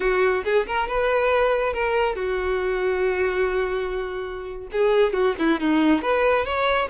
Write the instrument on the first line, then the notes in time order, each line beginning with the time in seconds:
violin
0.00 F#4
0.44 G#4
0.66 A#4
0.88 B4
1.73 A#4
2.15 F#4
4.72 G#4
5.13 F#4
5.39 E4
5.60 D#4
6.02 B4
6.45 C#5